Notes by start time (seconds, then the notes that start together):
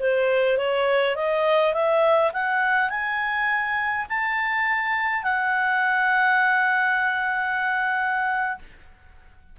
0.00 C5
0.58 C#5
1.16 D#5
1.74 E5
2.33 F#5
2.90 G#5
4.09 A5
5.23 F#5